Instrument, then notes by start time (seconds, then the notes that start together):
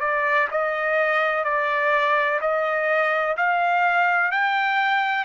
trumpet
0.00 D5
0.51 D#5
1.44 D5
2.41 D#5
3.37 F5
4.31 G5